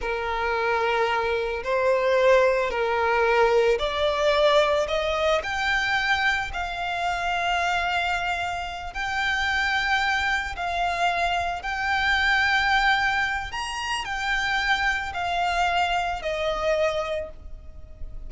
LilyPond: \new Staff \with { instrumentName = "violin" } { \time 4/4 \tempo 4 = 111 ais'2. c''4~ | c''4 ais'2 d''4~ | d''4 dis''4 g''2 | f''1~ |
f''8 g''2. f''8~ | f''4. g''2~ g''8~ | g''4 ais''4 g''2 | f''2 dis''2 | }